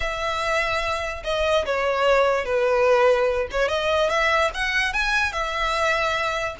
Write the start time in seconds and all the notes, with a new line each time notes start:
0.00 E5
1.23 D#5
1.65 C#5
2.45 B4
3.51 C#5
3.68 D#5
4.09 E5
4.54 F#5
4.93 G#5
5.32 E5